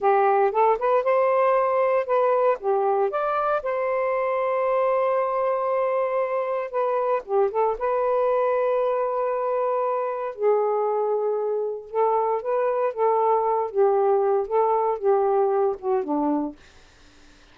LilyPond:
\new Staff \with { instrumentName = "saxophone" } { \time 4/4 \tempo 4 = 116 g'4 a'8 b'8 c''2 | b'4 g'4 d''4 c''4~ | c''1~ | c''4 b'4 g'8 a'8 b'4~ |
b'1 | gis'2. a'4 | b'4 a'4. g'4. | a'4 g'4. fis'8 d'4 | }